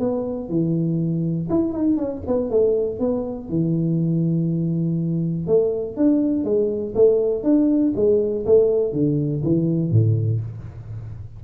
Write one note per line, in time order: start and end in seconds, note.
0.00 0.50 B3
0.50 1.49 E3
1.50 1.73 E4
1.73 1.97 D#4
1.98 2.22 C#4
2.27 2.51 B3
2.51 3.00 A3
3.00 3.50 B3
3.50 5.47 E3
5.47 5.97 A3
5.97 6.45 D4
6.45 6.94 G#3
6.96 7.44 A3
7.44 7.94 D4
7.96 8.46 G#3
8.46 8.93 A3
8.93 9.43 D3
9.44 9.91 E3
9.91 10.41 A2